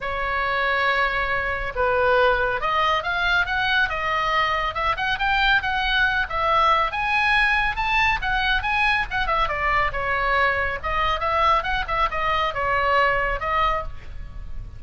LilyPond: \new Staff \with { instrumentName = "oboe" } { \time 4/4 \tempo 4 = 139 cis''1 | b'2 dis''4 f''4 | fis''4 dis''2 e''8 fis''8 | g''4 fis''4. e''4. |
gis''2 a''4 fis''4 | gis''4 fis''8 e''8 d''4 cis''4~ | cis''4 dis''4 e''4 fis''8 e''8 | dis''4 cis''2 dis''4 | }